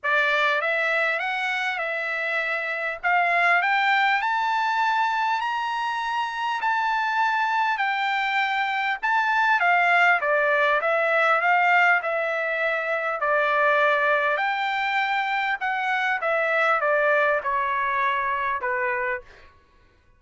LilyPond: \new Staff \with { instrumentName = "trumpet" } { \time 4/4 \tempo 4 = 100 d''4 e''4 fis''4 e''4~ | e''4 f''4 g''4 a''4~ | a''4 ais''2 a''4~ | a''4 g''2 a''4 |
f''4 d''4 e''4 f''4 | e''2 d''2 | g''2 fis''4 e''4 | d''4 cis''2 b'4 | }